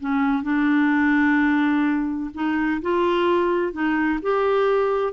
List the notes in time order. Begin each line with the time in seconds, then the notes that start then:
0.00 C#4
0.43 D4
2.34 D#4
2.81 F4
3.72 D#4
4.22 G4